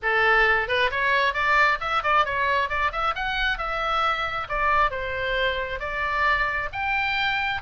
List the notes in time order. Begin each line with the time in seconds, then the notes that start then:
0.02 A4
0.68 B4
0.90 C#5
1.33 D5
1.80 E5
2.03 D5
2.25 C#5
2.69 D5
2.91 E5
3.15 F#5
3.57 E5
4.48 D5
4.90 C5
5.79 D5
6.72 G5